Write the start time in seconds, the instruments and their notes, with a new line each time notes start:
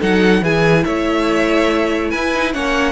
0.00 cello F#3, viola D#4, violin A4 F#5
0.42 cello E3, viola E4, violin G#4 G#5
0.84 cello A3, violin C#5 E5
2.10 cello E4, violin B4 G#5
2.35 viola D#4
2.54 cello A#3, viola C#4, violin C#5 F#5